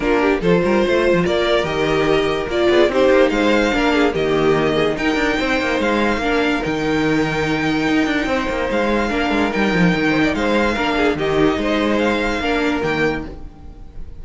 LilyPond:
<<
  \new Staff \with { instrumentName = "violin" } { \time 4/4 \tempo 4 = 145 ais'4 c''2 d''4 | dis''2 d''4 c''4 | f''2 dis''2 | g''2 f''2 |
g''1~ | g''4 f''2 g''4~ | g''4 f''2 dis''4~ | dis''4 f''2 g''4 | }
  \new Staff \with { instrumentName = "violin" } { \time 4/4 f'8 g'8 a'8 ais'8 c''4 ais'4~ | ais'2~ ais'8 gis'8 g'4 | c''4 ais'8 gis'8 g'4. gis'8 | ais'4 c''2 ais'4~ |
ais'1 | c''2 ais'2~ | ais'8 c''16 d''16 c''4 ais'8 gis'8 g'4 | c''2 ais'2 | }
  \new Staff \with { instrumentName = "viola" } { \time 4/4 d'4 f'2. | g'2 f'4 dis'4~ | dis'4 d'4 ais2 | dis'2. d'4 |
dis'1~ | dis'2 d'4 dis'4~ | dis'2 d'4 dis'4~ | dis'2 d'4 ais4 | }
  \new Staff \with { instrumentName = "cello" } { \time 4/4 ais4 f8 g8 a8. f16 ais4 | dis2 ais8 b8 c'8 ais8 | gis4 ais4 dis2 | dis'8 d'8 c'8 ais8 gis4 ais4 |
dis2. dis'8 d'8 | c'8 ais8 gis4 ais8 gis8 g8 f8 | dis4 gis4 ais4 dis4 | gis2 ais4 dis4 | }
>>